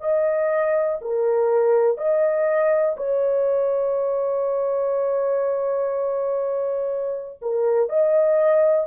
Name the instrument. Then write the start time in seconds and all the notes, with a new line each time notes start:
horn
0.00 D#5
1.01 A#4
1.98 D#5
2.96 C#5
7.42 A#4
7.89 D#5